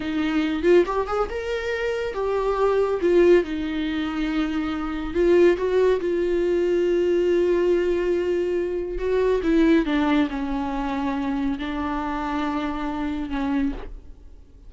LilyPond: \new Staff \with { instrumentName = "viola" } { \time 4/4 \tempo 4 = 140 dis'4. f'8 g'8 gis'8 ais'4~ | ais'4 g'2 f'4 | dis'1 | f'4 fis'4 f'2~ |
f'1~ | f'4 fis'4 e'4 d'4 | cis'2. d'4~ | d'2. cis'4 | }